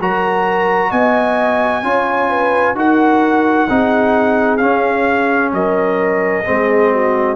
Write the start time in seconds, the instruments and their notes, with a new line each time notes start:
0.00 tuba F#3, trombone F#4, horn A#4, trumpet A#5
0.91 tuba B3, horn D#5, trumpet G#5
1.83 tuba C#4, trombone F4, horn C#5
2.30 horn B4
2.75 tuba D#4, trombone F#4, horn A#4, trumpet F#5
3.70 tuba C4, trombone D#4, horn G#4
4.57 trombone C#4, tuba C#4, trumpet F5
5.53 tuba F#3, horn A#4, trumpet D#5
6.44 tuba G#3, trombone C4, horn G#4
6.91 horn F#4